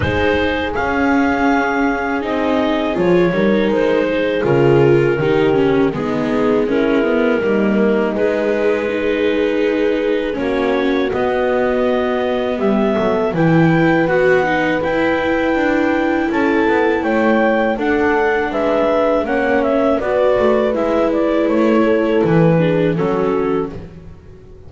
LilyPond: <<
  \new Staff \with { instrumentName = "clarinet" } { \time 4/4 \tempo 4 = 81 c''4 f''2 dis''4 | cis''4 c''4 ais'2 | gis'4 ais'2 b'4~ | b'2 cis''4 dis''4~ |
dis''4 e''4 g''4 fis''4 | g''2 a''4 g''4 | fis''4 e''4 fis''8 e''8 d''4 | e''8 d''8 cis''4 b'4 a'4 | }
  \new Staff \with { instrumentName = "horn" } { \time 4/4 gis'1~ | gis'8 ais'4 gis'4. g'4 | dis'4 e'4 dis'2 | gis'2 fis'2~ |
fis'4 g'8 a'8 b'2~ | b'2 a'4 cis''4 | a'4 b'4 cis''4 b'4~ | b'4. a'4 gis'8 fis'4 | }
  \new Staff \with { instrumentName = "viola" } { \time 4/4 dis'4 cis'2 dis'4 | f'8 dis'4. f'4 dis'8 cis'8 | b4 cis'8 b8 ais4 gis4 | dis'2 cis'4 b4~ |
b2 e'4 fis'8 dis'8 | e'1 | d'2 cis'4 fis'4 | e'2~ e'8 d'8 cis'4 | }
  \new Staff \with { instrumentName = "double bass" } { \time 4/4 gis4 cis'2 c'4 | f8 g8 gis4 cis4 dis4 | gis2 g4 gis4~ | gis2 ais4 b4~ |
b4 g8 fis8 e4 b4 | e'4 d'4 cis'8 b8 a4 | d'4 gis4 ais4 b8 a8 | gis4 a4 e4 fis4 | }
>>